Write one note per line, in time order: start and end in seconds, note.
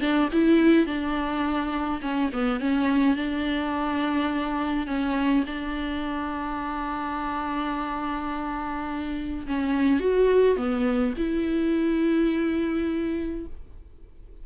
0.00 0.29 D4
0.32 0.86 E4
0.86 2.00 D4
2.01 2.30 C#4
2.32 2.60 B3
2.60 3.16 C#4
3.16 4.86 D4
4.86 5.44 C#4
5.46 9.46 D4
9.46 10.00 C#4
10.00 10.56 F#4
10.56 11.14 B3
11.17 13.46 E4